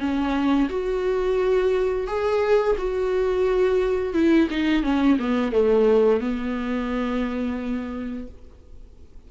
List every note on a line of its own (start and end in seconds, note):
0.00 0.69 C#4
0.69 2.07 F#4
2.07 2.76 G#4
2.78 4.14 F#4
4.14 4.48 E4
4.50 4.83 D#4
4.83 5.18 C#4
5.19 5.52 B3
5.52 6.21 A3
6.21 8.28 B3